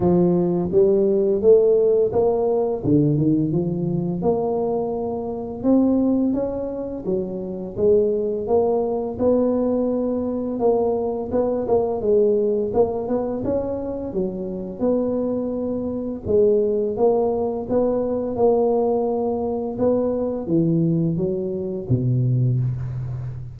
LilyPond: \new Staff \with { instrumentName = "tuba" } { \time 4/4 \tempo 4 = 85 f4 g4 a4 ais4 | d8 dis8 f4 ais2 | c'4 cis'4 fis4 gis4 | ais4 b2 ais4 |
b8 ais8 gis4 ais8 b8 cis'4 | fis4 b2 gis4 | ais4 b4 ais2 | b4 e4 fis4 b,4 | }